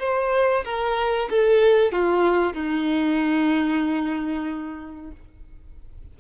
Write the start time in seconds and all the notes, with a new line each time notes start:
0.00 C5
0.65 A#4
1.30 A4
1.93 F4
2.54 D#4